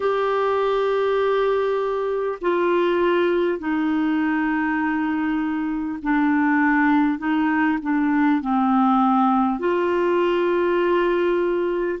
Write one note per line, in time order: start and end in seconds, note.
0.00 2.38 G4
2.41 3.58 F4
3.58 5.98 D#4
6.02 7.18 D4
7.18 7.78 D#4
7.82 8.41 D4
8.41 9.59 C4
9.59 11.99 F4